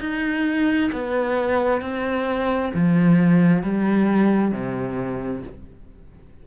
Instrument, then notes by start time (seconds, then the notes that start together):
cello
0.00 D#4
0.92 B3
1.81 C4
2.74 F3
3.63 G3
4.52 C3